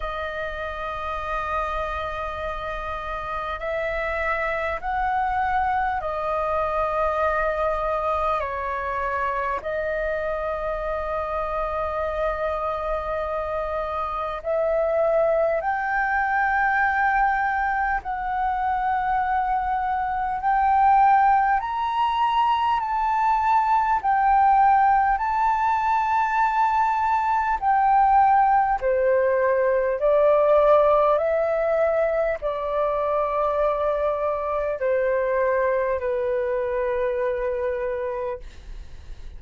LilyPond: \new Staff \with { instrumentName = "flute" } { \time 4/4 \tempo 4 = 50 dis''2. e''4 | fis''4 dis''2 cis''4 | dis''1 | e''4 g''2 fis''4~ |
fis''4 g''4 ais''4 a''4 | g''4 a''2 g''4 | c''4 d''4 e''4 d''4~ | d''4 c''4 b'2 | }